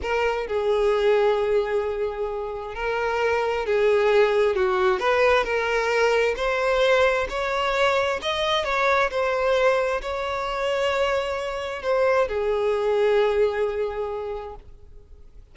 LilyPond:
\new Staff \with { instrumentName = "violin" } { \time 4/4 \tempo 4 = 132 ais'4 gis'2.~ | gis'2 ais'2 | gis'2 fis'4 b'4 | ais'2 c''2 |
cis''2 dis''4 cis''4 | c''2 cis''2~ | cis''2 c''4 gis'4~ | gis'1 | }